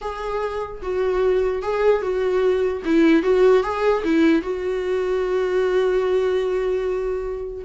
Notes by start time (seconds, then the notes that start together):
0.01 G#4
0.82 F#4
1.62 G#4
2.02 F#4
2.85 E4
3.22 F#4
3.63 G#4
4.04 E4
4.42 F#4